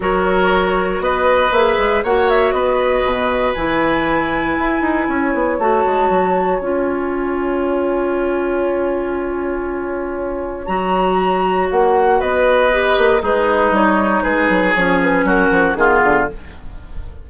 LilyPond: <<
  \new Staff \with { instrumentName = "flute" } { \time 4/4 \tempo 4 = 118 cis''2 dis''4 e''4 | fis''8 e''8 dis''2 gis''4~ | gis''2. a''4~ | a''4 gis''2.~ |
gis''1~ | gis''4 ais''2 fis''4 | dis''2 b'4 cis''4 | b'4 cis''8 b'8 ais'4 gis'4 | }
  \new Staff \with { instrumentName = "oboe" } { \time 4/4 ais'2 b'2 | cis''4 b'2.~ | b'2 cis''2~ | cis''1~ |
cis''1~ | cis''1 | b'2 dis'2 | gis'2 fis'4 f'4 | }
  \new Staff \with { instrumentName = "clarinet" } { \time 4/4 fis'2. gis'4 | fis'2. e'4~ | e'2. fis'4~ | fis'4 f'2.~ |
f'1~ | f'4 fis'2.~ | fis'4 g'4 gis'4 dis'4~ | dis'4 cis'2 b4 | }
  \new Staff \with { instrumentName = "bassoon" } { \time 4/4 fis2 b4 ais8 gis8 | ais4 b4 b,4 e4~ | e4 e'8 dis'8 cis'8 b8 a8 gis8 | fis4 cis'2.~ |
cis'1~ | cis'4 fis2 ais4 | b4. ais8 gis4 g4 | gis8 fis8 f4 fis8 f8 dis8 d8 | }
>>